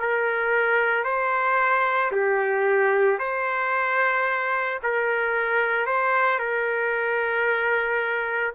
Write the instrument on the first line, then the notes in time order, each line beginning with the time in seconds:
trumpet
0.00 A#4
1.05 C5
2.12 G4
3.19 C5
4.84 A#4
5.86 C5
6.39 A#4